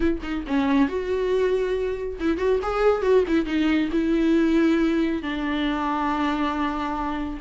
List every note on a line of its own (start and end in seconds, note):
0.00 0.19 E4
0.22 0.44 D#4
0.47 0.88 C#4
0.88 2.19 F#4
2.19 2.37 E4
2.37 2.59 F#4
2.62 3.02 G#4
3.02 3.24 F#4
3.27 3.45 E4
3.45 3.89 D#4
3.92 5.22 E4
5.22 7.40 D4